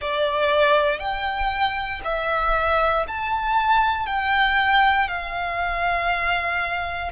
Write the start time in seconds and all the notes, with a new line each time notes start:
0.00 D5
0.99 G5
2.04 E5
3.07 A5
4.06 G5
5.08 F5